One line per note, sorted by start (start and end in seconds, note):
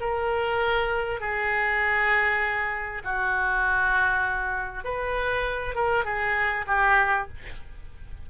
0.00 1.20 A#4
1.20 3.02 G#4
3.04 4.84 F#4
4.84 5.75 B4
5.75 6.05 A#4
6.05 6.65 G#4
6.67 7.28 G4